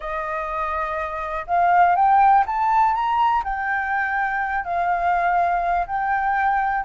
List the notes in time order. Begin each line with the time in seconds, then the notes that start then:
0.00 D#5
1.46 F5
1.95 G5
2.46 A5
2.94 A#5
3.44 G5
4.64 F5
5.86 G5